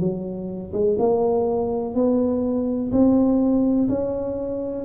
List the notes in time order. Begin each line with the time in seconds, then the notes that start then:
0.00 F#3
0.73 G#3
0.99 A#3
1.95 B3
2.92 C4
3.89 C#4